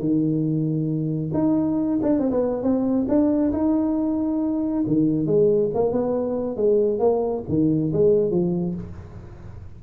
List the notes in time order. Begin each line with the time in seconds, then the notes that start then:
0.00 D#3
1.34 D#4
2.03 D4
2.20 C4
2.31 B3
2.63 C4
3.09 D4
3.53 D#4
4.87 D#3
5.27 G#3
5.75 A#3
5.93 B3
6.57 G#3
7.00 A#3
7.49 D#3
7.93 G#3
8.31 F3